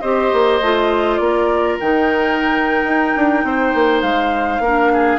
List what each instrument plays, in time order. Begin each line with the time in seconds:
0.00 bassoon C4, clarinet G4, oboe C5, flute D#5
0.32 bassoon A#3
0.60 bassoon A3, clarinet F4
1.17 bassoon A#3, oboe A#4, flute D5
1.80 bassoon D#3, clarinet D#4, flute G5
2.83 bassoon D#4
3.16 bassoon D4
3.43 bassoon C4, oboe C5
3.74 bassoon A#3
4.01 bassoon G#3, flute F5
4.59 bassoon A#3, oboe A#4
4.65 clarinet D4
4.93 oboe G#4